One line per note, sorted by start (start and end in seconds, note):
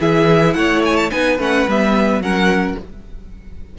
0.00 0.56 E3
0.00 1.11 E4
0.00 0.56 G#4
0.00 0.54 E5
0.54 1.11 A3
0.54 1.12 C#5
0.54 0.82 F#5
0.86 0.97 G#5
0.97 1.11 A5
1.11 1.39 B3
1.11 1.39 D#4
1.11 2.23 B4
1.11 1.39 G#5
1.39 1.67 A3
1.39 1.67 C#4
1.39 1.70 F#5
1.68 2.20 G3
1.68 2.23 B3
1.68 2.22 E5
2.20 2.75 F#3
2.20 2.79 C#4
2.20 2.79 A#4
2.20 2.78 F#5